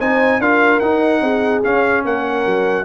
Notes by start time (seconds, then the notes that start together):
0.00 C4 D#4 C5 G#5
0.39 D4 F4 A#4 F5
0.80 D#4 F#5
1.21 C4 G#4
1.64 C#4 F5
2.05 A#3 A#4 F#5
2.46 F#3